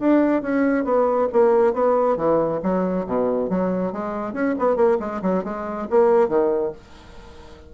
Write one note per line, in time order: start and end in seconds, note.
0.00 0.42 D4
0.42 0.84 C#4
0.84 1.28 B3
1.33 1.74 A#3
1.74 2.17 B3
2.17 2.60 E3
2.63 3.06 F#3
3.07 3.50 B2
3.50 3.92 F#3
3.92 4.33 G#3
4.33 4.55 C#4
4.59 4.76 B3
4.76 4.98 A#3
5.00 5.21 G#3
5.22 5.44 F#3
5.44 5.88 G#3
5.90 6.29 A#3
6.29 6.72 D#3